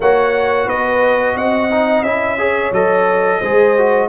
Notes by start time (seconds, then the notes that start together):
0.00 A#3 F#4 C#5 F#5
0.66 B3 B4 D#5
1.35 C4 D#5 F#5
1.71 D#4
2.02 C#4 E4 E5
2.38 G#4 C#5
2.71 F#3 A4 D#5
3.39 G#3 G#4 C5
3.77 F#4